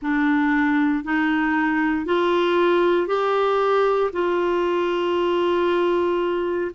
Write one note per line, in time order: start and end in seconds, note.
0.01 1.03 D4
1.03 2.05 D#4
2.05 3.07 F4
3.07 4.11 G4
4.12 6.71 F4